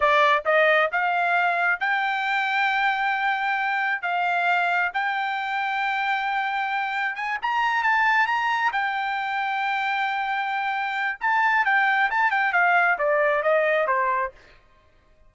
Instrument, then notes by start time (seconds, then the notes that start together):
trumpet
0.00 D5
0.45 D#5
0.92 F5
1.80 G5
4.02 F5
4.93 G5
7.15 G#5
7.41 A#5
7.83 A5
8.26 A#5
8.72 G5
11.20 A5
11.65 G5
12.10 A5
12.30 G5
12.52 F5
12.98 D5
13.42 D#5
13.87 C5